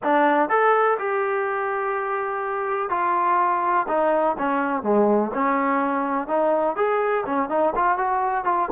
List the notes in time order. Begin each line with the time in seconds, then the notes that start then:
0.03 D4
0.49 A4
0.98 G4
2.89 F4
3.88 D#4
4.38 C#4
4.82 G#3
5.34 C#4
6.27 D#4
6.76 G#4
7.26 C#4
7.49 D#4
7.75 F4
7.98 F#4
8.44 F4